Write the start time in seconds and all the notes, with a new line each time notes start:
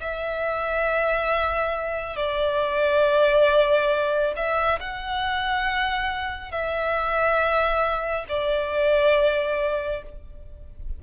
0.00 E5
2.16 D5
4.36 E5
4.80 F#5
6.51 E5
8.28 D5